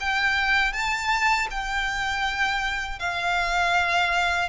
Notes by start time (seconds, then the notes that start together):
0.00 G5
0.73 A5
1.50 G5
2.99 F5